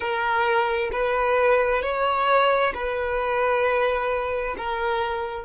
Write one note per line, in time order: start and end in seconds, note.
0.00 0.90 A#4
0.92 1.82 B4
1.82 2.73 C#5
2.74 4.55 B4
4.57 5.45 A#4